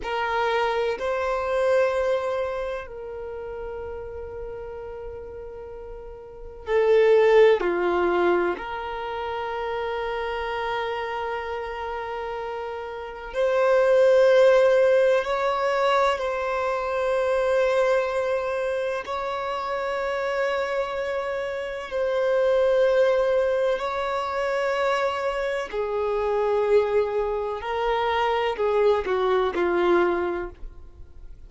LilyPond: \new Staff \with { instrumentName = "violin" } { \time 4/4 \tempo 4 = 63 ais'4 c''2 ais'4~ | ais'2. a'4 | f'4 ais'2.~ | ais'2 c''2 |
cis''4 c''2. | cis''2. c''4~ | c''4 cis''2 gis'4~ | gis'4 ais'4 gis'8 fis'8 f'4 | }